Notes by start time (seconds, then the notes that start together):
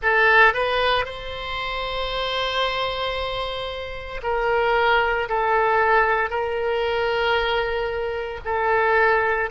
0.02 A4
0.53 B4
1.05 C5
4.22 A#4
5.28 A4
6.30 A#4
8.44 A4